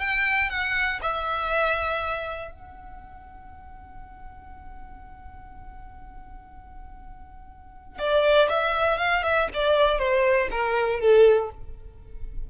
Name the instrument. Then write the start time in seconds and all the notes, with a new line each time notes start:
violin
0.00 G5
0.50 F#5
1.02 E5
2.51 F#5
7.99 D5
8.49 E5
8.98 F5
9.23 E5
9.54 D5
9.99 C5
10.51 A#4
11.00 A4